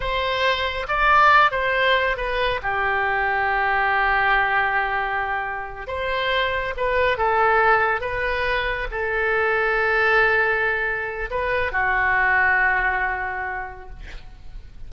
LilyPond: \new Staff \with { instrumentName = "oboe" } { \time 4/4 \tempo 4 = 138 c''2 d''4. c''8~ | c''4 b'4 g'2~ | g'1~ | g'4. c''2 b'8~ |
b'8 a'2 b'4.~ | b'8 a'2.~ a'8~ | a'2 b'4 fis'4~ | fis'1 | }